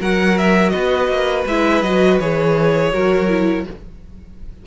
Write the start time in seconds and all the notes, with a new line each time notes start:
0.00 F#3 F#4 A#4 F#5
0.38 E5
0.69 B3 B4 D#5
1.08 A#3
1.46 G#3 E4 E5
1.82 F#3 F#4 D#5
2.20 E3 G#4 C#5
2.93 F#3 F#4 A#4
3.29 E4